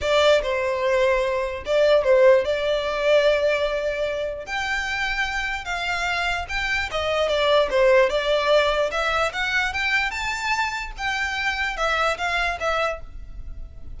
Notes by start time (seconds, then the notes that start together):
0.01 D5
0.42 C5
1.65 D5
2.04 C5
2.45 D5
4.46 G5
5.64 F5
6.49 G5
6.91 D#5
7.28 D5
7.70 C5
8.09 D5
8.91 E5
9.32 F#5
9.73 G5
10.10 A5
10.97 G5
11.76 E5
12.17 F5
12.60 E5